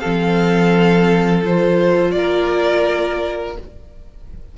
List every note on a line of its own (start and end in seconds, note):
0.00 2.16 F3
0.00 1.43 C4
0.00 2.12 A4
0.00 1.41 F5
1.43 3.55 F4
1.43 2.12 C5
2.12 3.57 A#3
2.12 3.58 A#4
2.12 3.53 D5